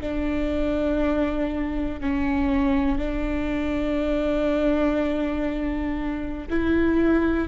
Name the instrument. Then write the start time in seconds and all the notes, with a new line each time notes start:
viola
0.00 D4
2.00 C#4
2.98 D4
6.50 E4